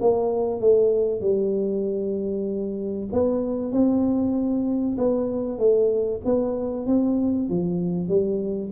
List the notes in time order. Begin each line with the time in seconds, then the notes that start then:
0.00 A#3
0.60 A3
1.21 G3
3.12 B3
3.72 C4
4.98 B3
5.58 A3
6.25 B3
6.86 C4
7.49 F3
8.08 G3